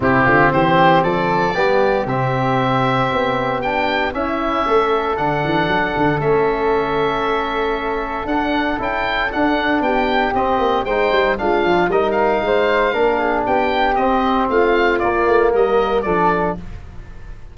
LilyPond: <<
  \new Staff \with { instrumentName = "oboe" } { \time 4/4 \tempo 4 = 116 g'4 c''4 d''2 | e''2. g''4 | e''2 fis''2 | e''1 |
fis''4 g''4 fis''4 g''4 | dis''4 g''4 f''4 dis''8 f''8~ | f''2 g''4 dis''4 | f''4 d''4 dis''4 d''4 | }
  \new Staff \with { instrumentName = "flute" } { \time 4/4 e'8 f'8 g'4 a'4 g'4~ | g'1 | e'4 a'2.~ | a'1~ |
a'2. g'4~ | g'4 c''4 f'4 ais'4 | c''4 ais'8 gis'8 g'2 | f'2 ais'4 a'4 | }
  \new Staff \with { instrumentName = "trombone" } { \time 4/4 c'2. b4 | c'2. d'4 | cis'2 d'2 | cis'1 |
d'4 e'4 d'2 | c'4 dis'4 d'4 dis'4~ | dis'4 d'2 c'4~ | c'4 ais2 d'4 | }
  \new Staff \with { instrumentName = "tuba" } { \time 4/4 c8 d8 e4 f4 g4 | c2 b2 | cis'4 a4 d8 e8 fis8 d8 | a1 |
d'4 cis'4 d'4 b4 | c'8 ais8 gis8 g8 gis8 f8 g4 | gis4 ais4 b4 c'4 | a4 ais8 a8 g4 f4 | }
>>